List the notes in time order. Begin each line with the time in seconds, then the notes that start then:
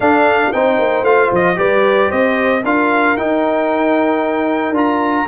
0.00 D4 A4 F5
0.52 C4 D#4 C5 G5
0.79 A#3
1.02 A3 F4 F5
1.32 F3 D#5
1.55 G3 G4 B4 D5
2.09 C4 C5 D#5
2.63 D4 F4 A#4 F5
3.17 D#4 G5
4.71 D4 F4 A#5